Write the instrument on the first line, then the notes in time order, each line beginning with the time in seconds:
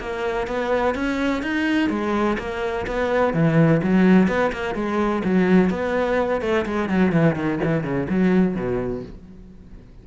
cello
0.00 A#3
0.47 B3
0.95 C#4
1.42 D#4
1.90 G#3
2.38 A#3
2.87 B3
3.34 E3
3.83 F#3
4.28 B3
4.53 A#3
4.75 G#3
5.25 F#3
5.70 B3
6.41 A3
6.66 G#3
6.89 F#3
7.12 E3
7.36 D#3
7.64 E3
7.84 C#3
8.09 F#3
8.55 B2